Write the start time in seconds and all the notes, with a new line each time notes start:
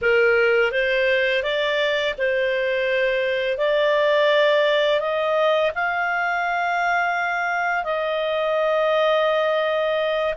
0.01 A#4
0.71 C5
1.43 D5
2.18 C5
3.57 D5
5.00 D#5
5.74 F5
7.83 D#5